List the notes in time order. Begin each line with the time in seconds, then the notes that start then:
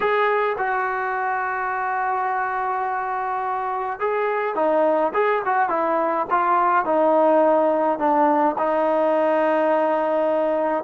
0.00 G#4
0.57 F#4
3.99 G#4
4.55 D#4
5.13 G#4
5.45 F#4
5.69 E4
6.30 F4
6.85 D#4
7.98 D4
8.58 D#4